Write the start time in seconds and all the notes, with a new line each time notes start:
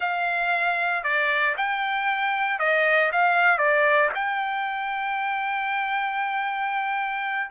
0.00 F5
1.03 D5
1.57 G5
2.59 D#5
3.12 F5
3.58 D5
4.14 G5